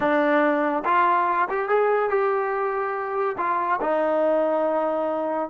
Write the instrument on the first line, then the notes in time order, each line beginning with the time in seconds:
trombone
0.00 D4
0.85 F4
1.49 G4
1.68 G#4
2.09 G4
3.37 F4
3.81 D#4